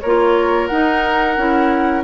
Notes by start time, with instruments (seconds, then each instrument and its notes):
0.00 bassoon A#3, clarinet F4, oboe A#4, flute C#5
0.67 bassoon D#4, clarinet D#4, flute F#5
1.37 bassoon C#4, clarinet E4